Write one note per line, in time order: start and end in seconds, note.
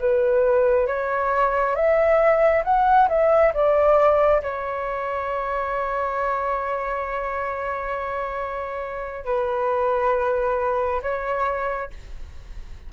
0.00 0.87 B4
0.87 1.76 C#5
1.76 2.64 E5
2.65 3.09 F#5
3.09 3.53 E5
3.54 4.42 D5
4.43 9.25 C#5
9.25 11.02 B4
11.03 11.91 C#5